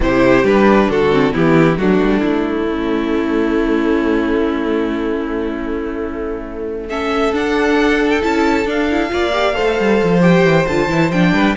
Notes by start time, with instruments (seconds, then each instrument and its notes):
0.00 cello C3, viola E4, violin G4 C5
0.43 cello G3, viola D4, violin B4
0.89 cello D3, violin F#4 A4
1.11 viola C4
1.32 cello E3, viola B3, violin E4 G4
1.77 cello F#3, viola A3, violin D4 F#4
2.02 cello G3
2.20 cello A3, violin E4
2.67 violin C#4
6.89 viola C#4, violin A4 E5
7.32 cello D4, viola D4, violin F#5
8.10 violin G5
8.21 cello C#4, viola E4, violin A5
8.65 cello D4, viola D4, violin F5
8.90 viola E4
9.09 cello A#3, viola F4, violin D5
9.32 viola G4
9.54 cello A3, viola A4, violin C5
9.79 cello G3
10.03 cello F3
10.20 viola G4, violin G5
10.43 cello E3
10.67 cello D3, viola F4, violin A5
10.88 cello E3, viola E4
11.10 cello F3, viola D4, violin G5
11.32 cello G3, violin B4